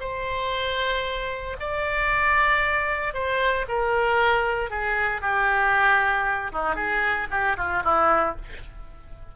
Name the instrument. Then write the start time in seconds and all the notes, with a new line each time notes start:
oboe
0.00 C5
1.60 D5
3.14 C5
3.68 A#4
4.70 G#4
5.21 G4
6.52 D#4
6.75 G#4
7.30 G4
7.57 F4
7.84 E4